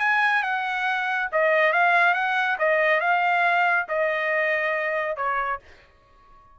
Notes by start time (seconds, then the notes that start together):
0.00 G#5
0.43 F#5
1.32 D#5
1.73 F5
2.14 F#5
2.59 D#5
3.00 F5
3.88 D#5
5.16 C#5